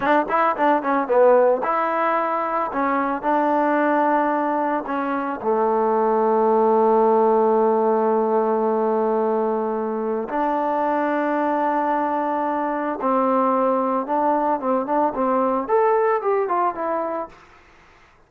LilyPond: \new Staff \with { instrumentName = "trombone" } { \time 4/4 \tempo 4 = 111 d'8 e'8 d'8 cis'8 b4 e'4~ | e'4 cis'4 d'2~ | d'4 cis'4 a2~ | a1~ |
a2. d'4~ | d'1 | c'2 d'4 c'8 d'8 | c'4 a'4 g'8 f'8 e'4 | }